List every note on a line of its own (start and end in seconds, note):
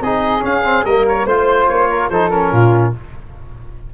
0.00 0.42 C4
0.00 0.40 D#4
0.00 0.85 G#4
0.00 0.44 D#5
0.40 0.61 C#4
0.40 0.84 C#4
0.40 0.85 F5
0.64 0.85 C4
0.84 1.25 G3
0.84 1.28 A#3
0.84 1.26 A#4
0.84 1.05 D#5
1.08 1.26 C#5
1.25 1.67 A3
1.25 2.11 F4
1.25 1.88 C5
1.25 1.68 C5
1.68 2.09 A#3
1.68 2.09 C#5
1.89 2.10 A#4
2.09 2.51 F3
2.09 2.31 D#4
2.09 2.52 A4
2.09 2.30 C5
2.30 2.93 C#4
2.30 2.92 A#4
2.52 2.93 A#2
2.52 2.93 F4